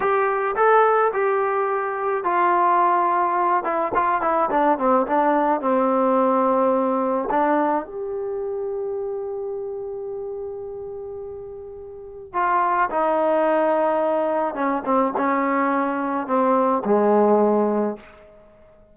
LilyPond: \new Staff \with { instrumentName = "trombone" } { \time 4/4 \tempo 4 = 107 g'4 a'4 g'2 | f'2~ f'8 e'8 f'8 e'8 | d'8 c'8 d'4 c'2~ | c'4 d'4 g'2~ |
g'1~ | g'2 f'4 dis'4~ | dis'2 cis'8 c'8 cis'4~ | cis'4 c'4 gis2 | }